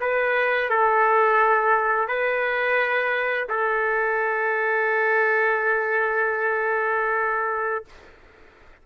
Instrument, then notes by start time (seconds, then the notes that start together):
trumpet
0.00 B4
0.69 A4
2.08 B4
3.48 A4